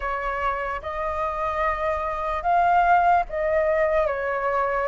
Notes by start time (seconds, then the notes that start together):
0.00 C#5
0.81 D#5
2.42 F5
3.29 D#5
4.07 C#5